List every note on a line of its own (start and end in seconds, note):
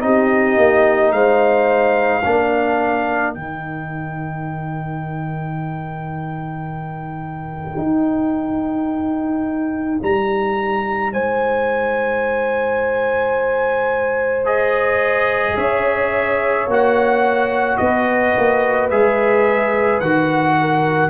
0.00 0.57 C4
0.00 2.22 D#4
0.00 1.14 G4
0.00 1.12 D#5
0.57 1.12 A#3
1.12 2.23 G#3
1.12 2.22 C5
1.12 3.34 F5
2.22 3.35 A#3
2.22 3.35 D4
2.22 11.11 A#4
3.34 7.78 D#3
3.34 14.45 D#4
3.34 10.00 G5
7.78 10.00 D#4
10.03 11.13 G3
10.03 11.12 A#5
11.12 15.57 G#3
11.12 15.56 C5
11.12 14.46 G#5
14.45 16.67 G#4
14.45 15.57 D#5
15.56 16.67 C#4
15.56 17.79 C#5
15.56 16.69 E5
16.67 17.78 A#3
16.67 18.91 F#4
16.67 17.77 F#5
17.77 18.35 B3
17.77 20.57 B4
17.77 18.88 D#5
18.37 18.91 A#3
18.90 20.00 G#3
18.90 20.02 G#4
18.90 20.00 E5
20.00 21.10 D#3
20.00 21.10 F#4
20.00 21.10 F#5
20.60 21.10 A#4